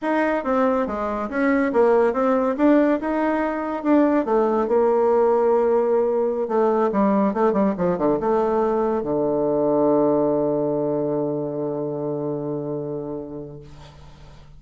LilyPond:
\new Staff \with { instrumentName = "bassoon" } { \time 4/4 \tempo 4 = 141 dis'4 c'4 gis4 cis'4 | ais4 c'4 d'4 dis'4~ | dis'4 d'4 a4 ais4~ | ais2.~ ais16 a8.~ |
a16 g4 a8 g8 f8 d8 a8.~ | a4~ a16 d2~ d8.~ | d1~ | d1 | }